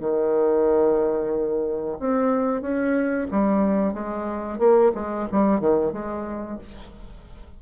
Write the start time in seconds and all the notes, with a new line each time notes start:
0.00 D#3
1.99 C4
2.61 C#4
3.31 G3
3.94 G#3
4.59 A#3
4.95 G#3
5.32 G3
5.60 D#3
5.93 G#3